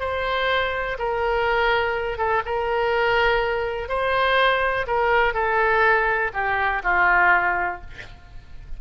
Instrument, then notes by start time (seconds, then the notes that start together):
oboe
0.00 C5
0.99 A#4
2.18 A4
2.46 A#4
3.89 C5
4.88 A#4
5.34 A4
6.34 G4
6.84 F4